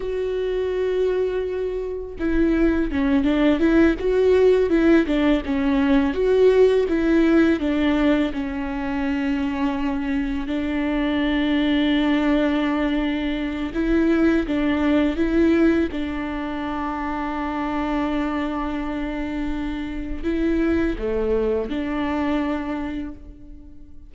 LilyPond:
\new Staff \with { instrumentName = "viola" } { \time 4/4 \tempo 4 = 83 fis'2. e'4 | cis'8 d'8 e'8 fis'4 e'8 d'8 cis'8~ | cis'8 fis'4 e'4 d'4 cis'8~ | cis'2~ cis'8 d'4.~ |
d'2. e'4 | d'4 e'4 d'2~ | d'1 | e'4 a4 d'2 | }